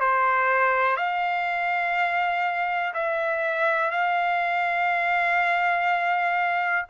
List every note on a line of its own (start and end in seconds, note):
0.00 0.97 C5
0.97 2.93 F5
2.94 3.91 E5
3.91 6.86 F5